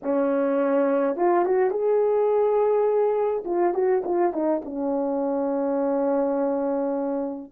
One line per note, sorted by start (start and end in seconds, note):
0.02 1.16 C#4
1.16 1.45 F4
1.45 1.70 F#4
1.70 3.43 G#4
3.45 3.73 F4
3.74 4.02 F#4
4.04 4.32 F4
4.32 4.61 D#4
4.64 7.52 C#4